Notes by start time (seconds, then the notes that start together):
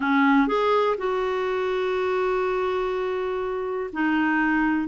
0.00 C#4
0.47 G#4
0.97 F#4
3.92 D#4